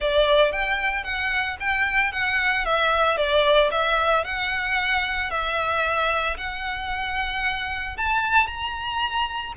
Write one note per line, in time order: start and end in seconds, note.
0.00 0.52 D5
0.52 1.03 G5
1.03 1.56 F#5
1.59 2.12 G5
2.12 2.65 F#5
2.65 3.17 E5
3.17 3.70 D5
3.71 4.24 E5
4.24 5.30 F#5
5.30 6.36 E5
6.37 7.96 F#5
7.97 8.46 A5
8.46 9.53 A#5